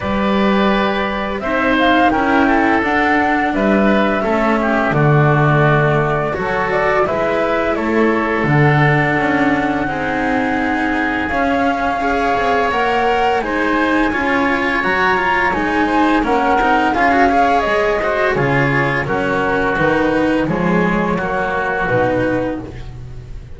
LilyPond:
<<
  \new Staff \with { instrumentName = "flute" } { \time 4/4 \tempo 4 = 85 d''2 e''8 f''8 g''4 | fis''4 e''2 d''4~ | d''4 cis''8 d''8 e''4 cis''4 | fis''1 |
f''2 fis''4 gis''4~ | gis''4 ais''4 gis''4 fis''4 | f''4 dis''4 cis''4 ais'4 | b'4 cis''2 b'4 | }
  \new Staff \with { instrumentName = "oboe" } { \time 4/4 b'2 c''4 ais'8 a'8~ | a'4 b'4 a'8 g'8 fis'4~ | fis'4 a'4 b'4 a'4~ | a'2 gis'2~ |
gis'4 cis''2 c''4 | cis''2~ cis''8 c''8 ais'4 | gis'8 cis''4 c''8 gis'4 fis'4~ | fis'4 gis'4 fis'2 | }
  \new Staff \with { instrumentName = "cello" } { \time 4/4 g'2 dis'4 e'4 | d'2 cis'4 a4~ | a4 fis'4 e'2 | d'2 dis'2 |
cis'4 gis'4 ais'4 dis'4 | f'4 fis'8 f'8 dis'4 cis'8 dis'8 | f'16 fis'16 gis'4 fis'8 f'4 cis'4 | dis'4 gis4 ais4 dis'4 | }
  \new Staff \with { instrumentName = "double bass" } { \time 4/4 g2 c'4 cis'4 | d'4 g4 a4 d4~ | d4 fis4 gis4 a4 | d4 cis'4 c'2 |
cis'4. c'8 ais4 gis4 | cis'4 fis4 gis4 ais8 c'8 | cis'4 gis4 cis4 fis4 | dis4 f4 fis4 b,4 | }
>>